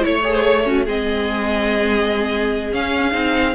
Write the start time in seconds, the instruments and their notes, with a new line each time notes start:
0.00 cello A3, viola E4, violin C#5
0.24 viola G#4
0.35 violin C5
0.42 violin C#5
0.65 violin C#4, viola F#4
0.85 cello G#3, viola C4, violin G#4 D#5
2.72 cello C#4, viola C#4, violin F5
3.12 cello C4, viola D#4